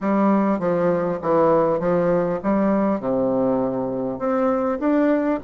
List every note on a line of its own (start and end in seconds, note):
0.00 0.59 G3
0.59 1.19 F3
1.22 1.79 E3
1.79 2.39 F3
2.43 3.00 G3
3.00 4.18 C3
4.18 4.78 C4
4.79 5.39 D4